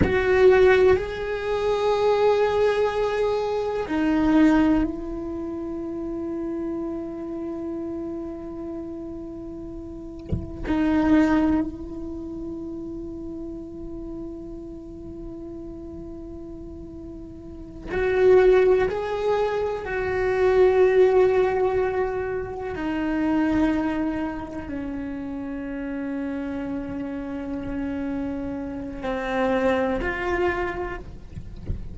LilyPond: \new Staff \with { instrumentName = "cello" } { \time 4/4 \tempo 4 = 62 fis'4 gis'2. | dis'4 e'2.~ | e'2. dis'4 | e'1~ |
e'2~ e'8 fis'4 gis'8~ | gis'8 fis'2. dis'8~ | dis'4. cis'2~ cis'8~ | cis'2 c'4 f'4 | }